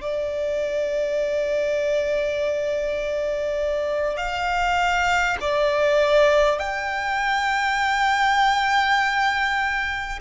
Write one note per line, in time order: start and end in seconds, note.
0.00 4.16 D5
4.16 5.36 F5
5.41 6.59 D5
6.59 10.19 G5